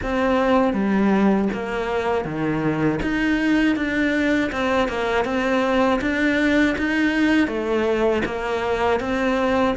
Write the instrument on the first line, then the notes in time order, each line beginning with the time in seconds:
cello
0.02 C4
0.73 G3
1.53 A#3
2.24 D#3
3.02 D#4
3.75 D4
4.52 C4
4.88 A#3
5.25 C4
6.01 D4
6.77 D#4
7.47 A3
8.25 A#3
9.00 C4